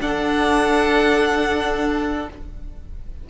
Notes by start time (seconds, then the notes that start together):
0.00 D4 A4 F#5